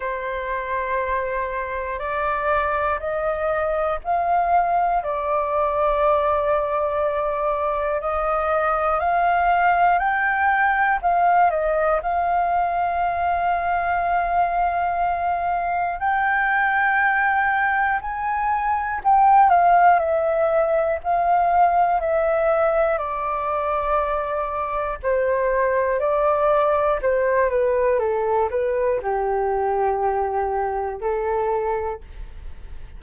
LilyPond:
\new Staff \with { instrumentName = "flute" } { \time 4/4 \tempo 4 = 60 c''2 d''4 dis''4 | f''4 d''2. | dis''4 f''4 g''4 f''8 dis''8 | f''1 |
g''2 gis''4 g''8 f''8 | e''4 f''4 e''4 d''4~ | d''4 c''4 d''4 c''8 b'8 | a'8 b'8 g'2 a'4 | }